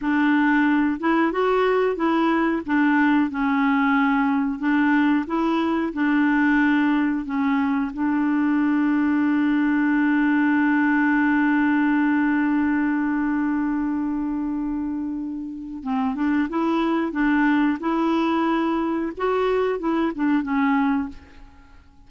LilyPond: \new Staff \with { instrumentName = "clarinet" } { \time 4/4 \tempo 4 = 91 d'4. e'8 fis'4 e'4 | d'4 cis'2 d'4 | e'4 d'2 cis'4 | d'1~ |
d'1~ | d'1 | c'8 d'8 e'4 d'4 e'4~ | e'4 fis'4 e'8 d'8 cis'4 | }